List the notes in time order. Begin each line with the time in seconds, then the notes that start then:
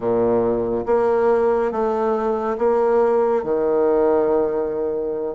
0.00 A#2
0.86 A#3
1.71 A3
2.58 A#3
3.43 D#3